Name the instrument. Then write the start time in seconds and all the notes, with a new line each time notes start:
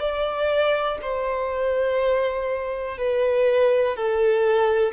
violin
0.00 D5
1.02 C5
2.98 B4
3.97 A4